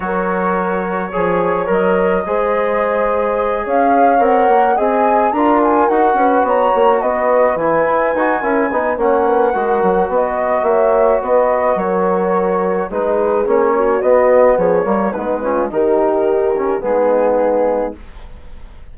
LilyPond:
<<
  \new Staff \with { instrumentName = "flute" } { \time 4/4 \tempo 4 = 107 cis''2. dis''4~ | dis''2~ dis''8 f''4 fis''8~ | fis''8 gis''4 ais''8 gis''8 fis''4 ais''8~ | ais''8 dis''4 gis''2~ gis''8 |
fis''2 dis''4 e''4 | dis''4 cis''2 b'4 | cis''4 dis''4 cis''4 b'4 | ais'2 gis'2 | }
  \new Staff \with { instrumentName = "horn" } { \time 4/4 ais'2 cis''2 | c''2~ c''8 cis''4.~ | cis''8 dis''4 ais'4. b'8 cis''8~ | cis''8 b'2~ b'8 ais'8 b'8 |
cis''8 b'8 ais'4 b'4 cis''4 | b'4 ais'2 gis'4~ | gis'8 fis'4. gis'8 ais'8 dis'8 f'8 | g'2 dis'2 | }
  \new Staff \with { instrumentName = "trombone" } { \time 4/4 fis'2 gis'4 ais'4 | gis'2.~ gis'8 ais'8~ | ais'8 gis'4 f'4 fis'4.~ | fis'4. e'4 fis'8 e'8 dis'8 |
cis'4 fis'2.~ | fis'2. dis'4 | cis'4 b4. ais8 b8 cis'8 | dis'4. cis'8 b2 | }
  \new Staff \with { instrumentName = "bassoon" } { \time 4/4 fis2 f4 fis4 | gis2~ gis8 cis'4 c'8 | ais8 c'4 d'4 dis'8 cis'8 b8 | ais8 b4 e8 e'8 dis'8 cis'8 b8 |
ais4 gis8 fis8 b4 ais4 | b4 fis2 gis4 | ais4 b4 f8 g8 gis4 | dis2 gis2 | }
>>